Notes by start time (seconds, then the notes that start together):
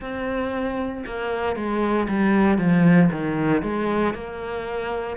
0.00 C4
1.06 A#3
1.56 G#3
2.08 G3
2.58 F3
3.11 D#3
3.62 G#3
4.14 A#3